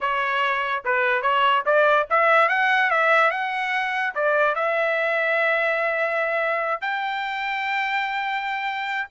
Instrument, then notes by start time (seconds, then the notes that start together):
trumpet
0.01 C#5
0.84 B4
1.22 C#5
1.65 D5
2.10 E5
2.48 F#5
2.90 E5
3.30 F#5
4.14 D5
4.55 E5
6.81 G5